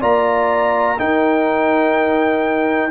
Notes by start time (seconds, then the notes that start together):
0.00 A#3 F4 D5 A#5
0.98 D#4 A#4 G5